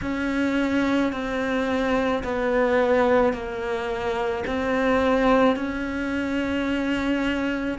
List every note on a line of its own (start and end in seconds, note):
0.01 1.12 C#4
1.12 2.23 C4
2.23 3.33 B3
3.33 4.44 A#3
4.46 5.56 C4
5.56 7.78 C#4